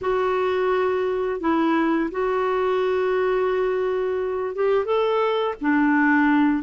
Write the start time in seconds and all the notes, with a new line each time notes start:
0.01 F#4
1.40 E4
2.11 F#4
4.55 G4
4.85 A4
5.61 D4